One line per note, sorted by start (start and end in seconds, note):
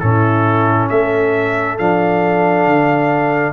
0.00 0.90 A2
0.00 1.79 C#4
0.00 0.90 E4
0.00 0.88 A4
0.90 1.79 A3
0.90 3.53 A4
0.90 1.78 E5
1.79 2.67 F3
1.79 3.53 D4
1.79 3.53 F5
2.67 3.53 D3